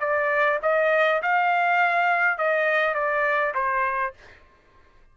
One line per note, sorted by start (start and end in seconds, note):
0.00 0.59 D5
0.62 1.22 D#5
1.22 2.38 F5
2.38 2.94 D#5
2.94 3.53 D5
3.54 4.14 C5